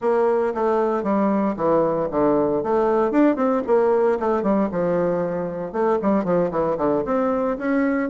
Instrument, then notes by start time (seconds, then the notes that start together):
bassoon
0.01 A#3
0.54 A3
1.03 G3
1.56 E3
2.11 D3
2.63 A3
3.11 D4
3.35 C4
3.66 A#3
4.19 A3
4.43 G3
4.71 F3
5.72 A3
6.02 G3
6.24 F3
6.51 E3
6.77 D3
7.05 C4
7.58 C#4